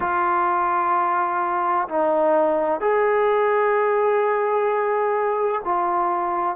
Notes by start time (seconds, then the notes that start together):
0.00 F4
1.88 D#4
2.80 G#4
5.64 F4